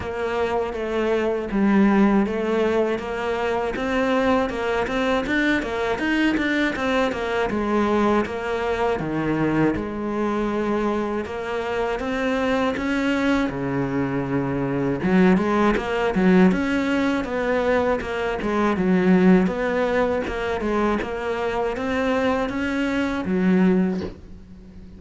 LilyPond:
\new Staff \with { instrumentName = "cello" } { \time 4/4 \tempo 4 = 80 ais4 a4 g4 a4 | ais4 c'4 ais8 c'8 d'8 ais8 | dis'8 d'8 c'8 ais8 gis4 ais4 | dis4 gis2 ais4 |
c'4 cis'4 cis2 | fis8 gis8 ais8 fis8 cis'4 b4 | ais8 gis8 fis4 b4 ais8 gis8 | ais4 c'4 cis'4 fis4 | }